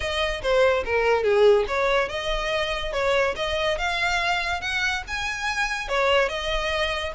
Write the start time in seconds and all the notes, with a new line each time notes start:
0.00 D#5
0.42 C5
0.85 A#4
1.23 G#4
1.67 C#5
2.08 D#5
2.93 C#5
3.35 D#5
3.78 F5
4.61 F#5
5.07 G#5
5.88 C#5
6.28 D#5